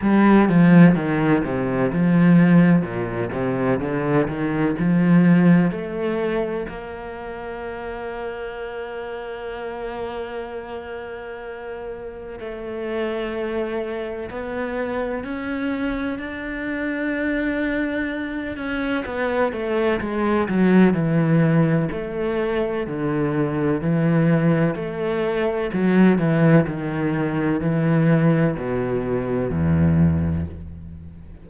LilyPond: \new Staff \with { instrumentName = "cello" } { \time 4/4 \tempo 4 = 63 g8 f8 dis8 c8 f4 ais,8 c8 | d8 dis8 f4 a4 ais4~ | ais1~ | ais4 a2 b4 |
cis'4 d'2~ d'8 cis'8 | b8 a8 gis8 fis8 e4 a4 | d4 e4 a4 fis8 e8 | dis4 e4 b,4 e,4 | }